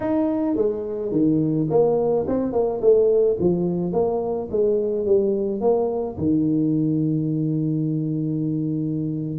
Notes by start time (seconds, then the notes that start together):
0.00 D#4
0.56 G#3
1.11 D#3
1.70 A#3
2.27 C4
2.52 A#3
2.81 A3
3.39 F3
3.92 A#3
4.50 G#3
5.05 G3
5.60 A#3
6.17 D#3